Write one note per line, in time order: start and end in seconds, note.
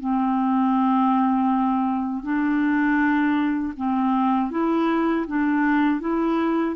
0.00 2.23 C4
2.23 3.73 D4
3.77 4.51 C4
4.51 5.26 E4
5.27 6.00 D4
6.00 6.75 E4